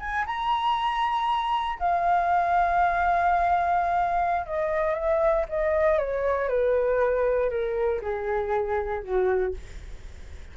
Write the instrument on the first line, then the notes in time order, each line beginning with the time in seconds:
flute
0.00 G#5
0.26 A#5
1.79 F5
4.46 D#5
4.95 E5
5.49 D#5
5.99 C#5
6.49 B4
7.50 A#4
8.02 G#4
9.03 F#4